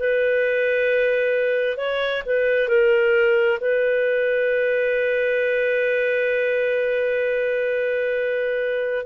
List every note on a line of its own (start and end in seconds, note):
0.00 1.78 B4
1.78 2.23 C#5
2.26 2.69 B4
2.69 3.60 A#4
3.61 9.06 B4